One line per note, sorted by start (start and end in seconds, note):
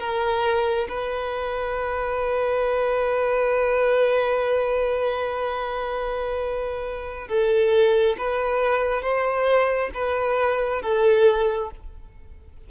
0.00 0.88 A#4
0.89 7.28 B4
7.28 8.17 A4
8.19 9.02 B4
9.02 9.91 C5
9.94 10.82 B4
10.82 11.71 A4